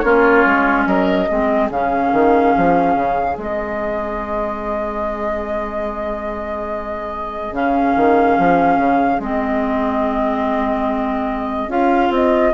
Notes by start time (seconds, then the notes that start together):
0.00 A#3 C#4 F4 C#5
0.45 G#3
0.86 F#3 A#4 D#5
1.29 G#3 C4 G#4
1.70 C#3 C#4 F5
2.13 D#3
2.57 F3
2.95 C#3
3.38 G#3 C4 D#5
7.52 C#3 C#4 F5
7.96 D#3
8.39 F3
8.77 C#3
9.20 G#3 C4 D#5
11.68 C#4 F4 F5
12.10 C4 D#5